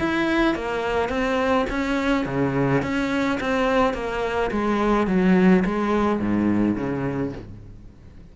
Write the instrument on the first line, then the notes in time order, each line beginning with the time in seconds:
cello
0.00 E4
0.55 A#3
1.09 C4
1.70 C#4
2.26 C#3
2.83 C#4
3.40 C4
3.94 A#3
4.51 G#3
5.07 F#3
5.65 G#3
6.20 G#2
6.76 C#3